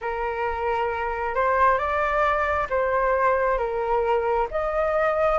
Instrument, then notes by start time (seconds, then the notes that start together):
flute
0.01 A#4
1.34 C5
1.77 D5
2.69 C5
3.57 A#4
4.50 D#5